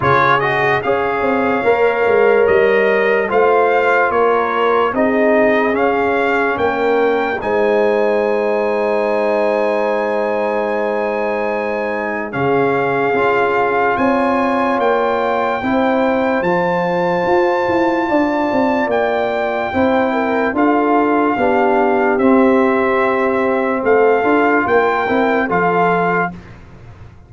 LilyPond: <<
  \new Staff \with { instrumentName = "trumpet" } { \time 4/4 \tempo 4 = 73 cis''8 dis''8 f''2 dis''4 | f''4 cis''4 dis''4 f''4 | g''4 gis''2.~ | gis''2. f''4~ |
f''4 gis''4 g''2 | a''2. g''4~ | g''4 f''2 e''4~ | e''4 f''4 g''4 f''4 | }
  \new Staff \with { instrumentName = "horn" } { \time 4/4 gis'4 cis''2. | c''4 ais'4 gis'2 | ais'4 c''2.~ | c''2. gis'4~ |
gis'4 cis''2 c''4~ | c''2 d''2 | c''8 ais'8 a'4 g'2~ | g'4 a'4 ais'4 a'4 | }
  \new Staff \with { instrumentName = "trombone" } { \time 4/4 f'8 fis'8 gis'4 ais'2 | f'2 dis'4 cis'4~ | cis'4 dis'2.~ | dis'2. cis'4 |
f'2. e'4 | f'1 | e'4 f'4 d'4 c'4~ | c'4. f'4 e'8 f'4 | }
  \new Staff \with { instrumentName = "tuba" } { \time 4/4 cis4 cis'8 c'8 ais8 gis8 g4 | a4 ais4 c'4 cis'4 | ais4 gis2.~ | gis2. cis4 |
cis'4 c'4 ais4 c'4 | f4 f'8 e'8 d'8 c'8 ais4 | c'4 d'4 b4 c'4~ | c'4 a8 d'8 ais8 c'8 f4 | }
>>